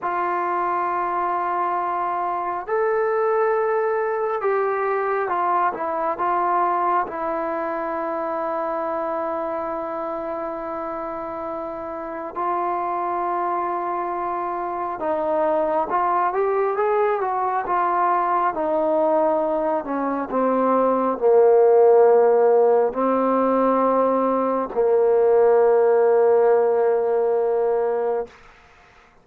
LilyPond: \new Staff \with { instrumentName = "trombone" } { \time 4/4 \tempo 4 = 68 f'2. a'4~ | a'4 g'4 f'8 e'8 f'4 | e'1~ | e'2 f'2~ |
f'4 dis'4 f'8 g'8 gis'8 fis'8 | f'4 dis'4. cis'8 c'4 | ais2 c'2 | ais1 | }